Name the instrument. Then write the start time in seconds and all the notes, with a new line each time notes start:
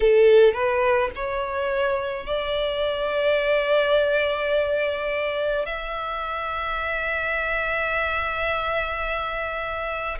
violin
0.00 A4
0.54 B4
1.15 C#5
2.25 D5
5.65 E5